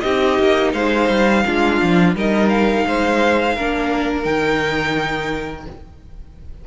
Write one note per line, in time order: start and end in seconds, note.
0.00 0.39 C4
0.00 1.44 D#4
0.00 0.73 G4
0.00 0.71 D#5
0.39 0.73 A#3
0.73 1.09 G#3
0.73 1.44 C5
0.73 2.14 F5
1.09 1.44 G3
1.45 1.81 G#3
1.45 2.15 D4
1.45 2.15 F4
1.82 2.15 F3
2.15 2.85 G3
2.15 3.56 D#4
2.15 2.86 A#4
2.15 2.49 D#5
2.49 4.24 F5
2.87 3.57 G#3
2.87 3.55 C5
3.55 4.25 A#3
3.55 4.22 D4
3.55 5.67 A#4
4.22 5.66 D#3
4.22 5.64 D#4
4.22 5.65 G5